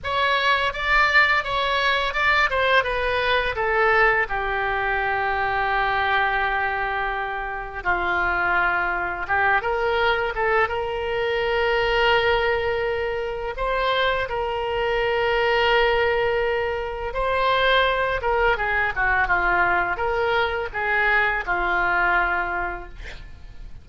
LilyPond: \new Staff \with { instrumentName = "oboe" } { \time 4/4 \tempo 4 = 84 cis''4 d''4 cis''4 d''8 c''8 | b'4 a'4 g'2~ | g'2. f'4~ | f'4 g'8 ais'4 a'8 ais'4~ |
ais'2. c''4 | ais'1 | c''4. ais'8 gis'8 fis'8 f'4 | ais'4 gis'4 f'2 | }